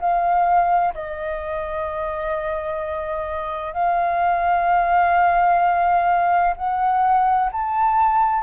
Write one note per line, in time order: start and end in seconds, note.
0.00 0.94 F5
0.94 3.73 D#5
3.73 6.55 F5
6.56 7.50 F#5
7.52 8.43 A5